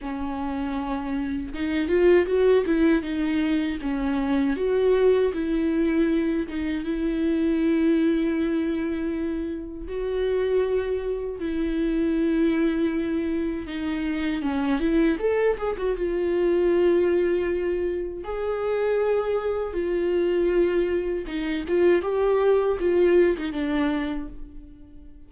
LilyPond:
\new Staff \with { instrumentName = "viola" } { \time 4/4 \tempo 4 = 79 cis'2 dis'8 f'8 fis'8 e'8 | dis'4 cis'4 fis'4 e'4~ | e'8 dis'8 e'2.~ | e'4 fis'2 e'4~ |
e'2 dis'4 cis'8 e'8 | a'8 gis'16 fis'16 f'2. | gis'2 f'2 | dis'8 f'8 g'4 f'8. dis'16 d'4 | }